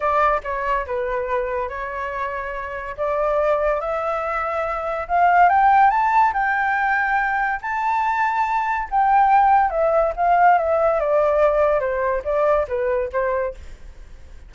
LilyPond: \new Staff \with { instrumentName = "flute" } { \time 4/4 \tempo 4 = 142 d''4 cis''4 b'2 | cis''2. d''4~ | d''4 e''2. | f''4 g''4 a''4 g''4~ |
g''2 a''2~ | a''4 g''2 e''4 | f''4 e''4 d''2 | c''4 d''4 b'4 c''4 | }